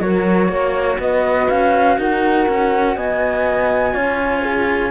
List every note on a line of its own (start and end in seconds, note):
0.00 0.49 F#3
0.00 3.94 F#4
0.00 0.49 A#4
0.00 1.00 C#5
0.49 0.98 A#3
0.49 0.99 C#5
0.99 1.49 B3
0.99 2.00 B4
0.99 1.50 D#5
1.50 1.99 C#4
1.50 1.99 F5
1.99 2.48 D#4
1.99 2.97 A#4
1.99 2.97 F#5
2.49 2.97 C#4
2.97 3.95 B3
2.97 3.95 D#5
2.97 4.91 G#5
3.94 4.91 C#4
3.94 4.91 F4
3.94 4.43 C#5
4.43 4.91 G#4